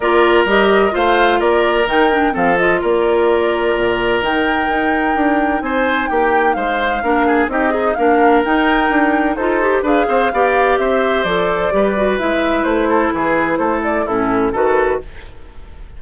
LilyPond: <<
  \new Staff \with { instrumentName = "flute" } { \time 4/4 \tempo 4 = 128 d''4 dis''4 f''4 d''4 | g''4 f''8 dis''8 d''2~ | d''4 g''2. | gis''4 g''4 f''2 |
dis''4 f''4 g''2 | c''4 f''2 e''4 | d''2 e''4 c''4 | b'4 c''8 d''8 a'4 b'4 | }
  \new Staff \with { instrumentName = "oboe" } { \time 4/4 ais'2 c''4 ais'4~ | ais'4 a'4 ais'2~ | ais'1 | c''4 g'4 c''4 ais'8 gis'8 |
g'8 dis'8 ais'2. | a'4 b'8 c''8 d''4 c''4~ | c''4 b'2~ b'8 a'8 | gis'4 a'4 e'4 a'4 | }
  \new Staff \with { instrumentName = "clarinet" } { \time 4/4 f'4 g'4 f'2 | dis'8 d'8 c'8 f'2~ f'8~ | f'4 dis'2.~ | dis'2. d'4 |
dis'8 gis'8 d'4 dis'2 | f'8 g'8 gis'4 g'2 | a'4 g'8 fis'8 e'2~ | e'2 cis'4 fis'4 | }
  \new Staff \with { instrumentName = "bassoon" } { \time 4/4 ais4 g4 a4 ais4 | dis4 f4 ais2 | ais,4 dis4 dis'4 d'4 | c'4 ais4 gis4 ais4 |
c'4 ais4 dis'4 d'4 | dis'4 d'8 c'8 b4 c'4 | f4 g4 gis4 a4 | e4 a4 a,4 dis4 | }
>>